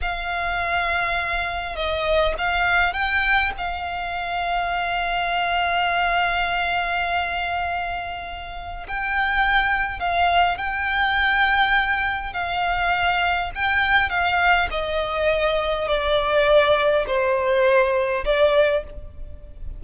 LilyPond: \new Staff \with { instrumentName = "violin" } { \time 4/4 \tempo 4 = 102 f''2. dis''4 | f''4 g''4 f''2~ | f''1~ | f''2. g''4~ |
g''4 f''4 g''2~ | g''4 f''2 g''4 | f''4 dis''2 d''4~ | d''4 c''2 d''4 | }